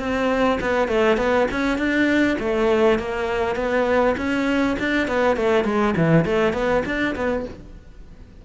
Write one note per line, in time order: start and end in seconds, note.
0.00 0.59 C4
0.61 0.88 B3
0.88 1.18 A3
1.18 1.47 B3
1.51 1.78 C#4
1.78 2.38 D4
2.40 2.99 A3
2.99 3.56 A#3
3.56 4.15 B3
4.18 4.77 C#4
4.79 5.08 D4
5.08 5.37 B3
5.37 5.65 A3
5.65 5.95 G#3
5.97 6.25 E3
6.25 6.53 A3
6.53 6.83 B3
6.86 7.16 D4
7.16 7.46 B3